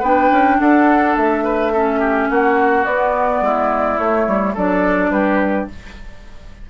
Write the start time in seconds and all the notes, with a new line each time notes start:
0.00 B3 D4 B4 G5
0.32 C#4
0.60 D4 A4 F#5
1.17 A3 E5
1.44 B4
1.73 C#4 A4
2.00 G4
2.30 A#3 F#4 F#5
2.85 B3 D5
3.42 G#3 E4
3.98 A3 C#5
4.28 G3
4.54 F#3 D4 A4 D5
5.11 G3 G4 B4